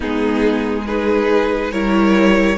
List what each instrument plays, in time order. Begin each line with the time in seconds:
0.00 cello G#3, viola B3, violin D#4 G#4
0.86 viola D#4, violin G#4 B4
1.71 cello G3, viola E4, violin A#4 C#5